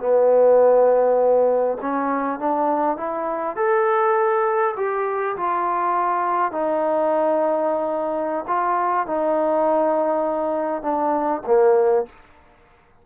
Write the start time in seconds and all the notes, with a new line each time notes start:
0.00 B3
1.82 C#4
2.40 D4
2.98 E4
3.57 A4
4.77 G4
5.37 F4
6.52 D#4
8.48 F4
9.07 D#4
10.83 D4
11.47 A#3